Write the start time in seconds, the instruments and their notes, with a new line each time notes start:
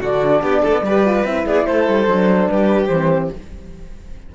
0.00 cello D3, horn D4, violin F#4, flute D5
0.42 cello B3, violin G4
0.62 cello A3, violin A4
0.72 cello B3
0.82 cello G3, horn G4, violin B4
1.06 horn F4
1.23 cello C4, horn E4, flute E5
1.46 cello B3, violin G#4, flute D5
1.66 cello A3, violin A4, flute C5
1.88 cello G3
2.07 cello F#3, horn D4
2.48 cello G3, violin G4, flute B4
2.87 cello E3, flute C5
2.93 horn C4